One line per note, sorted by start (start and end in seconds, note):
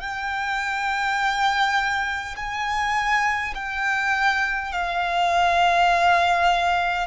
0.00 2.35 G5
2.36 3.53 G#5
3.54 4.72 G5
4.72 7.06 F5